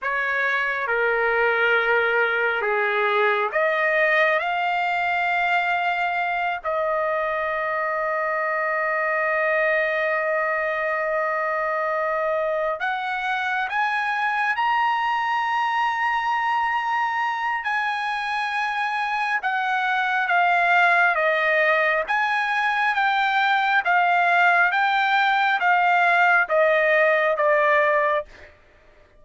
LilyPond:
\new Staff \with { instrumentName = "trumpet" } { \time 4/4 \tempo 4 = 68 cis''4 ais'2 gis'4 | dis''4 f''2~ f''8 dis''8~ | dis''1~ | dis''2~ dis''8 fis''4 gis''8~ |
gis''8 ais''2.~ ais''8 | gis''2 fis''4 f''4 | dis''4 gis''4 g''4 f''4 | g''4 f''4 dis''4 d''4 | }